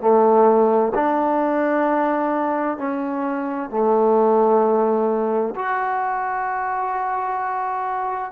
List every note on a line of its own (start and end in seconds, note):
0.00 0.92 A3
0.94 2.78 D4
2.78 3.70 C#4
3.70 5.55 A3
5.55 8.32 F#4